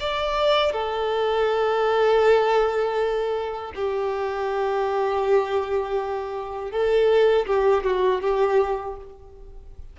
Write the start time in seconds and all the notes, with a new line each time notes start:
0.00 D5
0.73 A4
3.76 G4
6.71 A4
7.47 G4
7.84 F#4
8.22 G4